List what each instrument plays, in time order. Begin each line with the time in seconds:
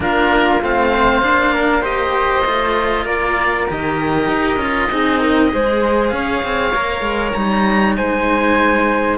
0.00 cello A#3 D4, flute F4, oboe A#4
0.61 cello A3 C4, oboe F5
0.92 flute C5
1.21 cello A#3 D4
1.52 flute A#4
1.81 cello G4, flute C5, oboe D#5
2.45 cello A3 F4
3.05 cello A#3, flute A#4, oboe D5
3.67 cello D#3 G4, oboe D#5
4.27 cello D#4
4.56 cello C#4 F4
4.90 cello C4 D#4, flute G#4
5.20 flute A#4
5.48 cello G#3 G#4, flute C5
6.08 cello C#4, flute C#5, oboe F5
6.43 cello C4
6.74 cello A#3 A#4
7.01 cello G#3
7.33 cello G3 D#4, oboe A#5
7.97 cello G#3, flute C5, oboe G#5